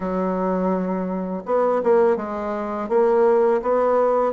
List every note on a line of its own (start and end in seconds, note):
0.00 1.43 F#3
1.45 1.81 B3
1.83 2.16 A#3
2.16 2.88 G#3
2.88 3.61 A#3
3.61 4.32 B3